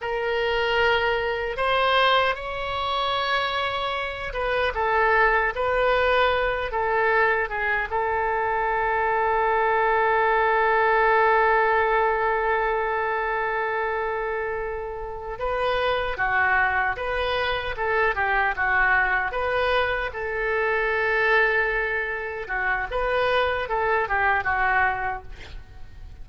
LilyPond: \new Staff \with { instrumentName = "oboe" } { \time 4/4 \tempo 4 = 76 ais'2 c''4 cis''4~ | cis''4. b'8 a'4 b'4~ | b'8 a'4 gis'8 a'2~ | a'1~ |
a'2.~ a'8 b'8~ | b'8 fis'4 b'4 a'8 g'8 fis'8~ | fis'8 b'4 a'2~ a'8~ | a'8 fis'8 b'4 a'8 g'8 fis'4 | }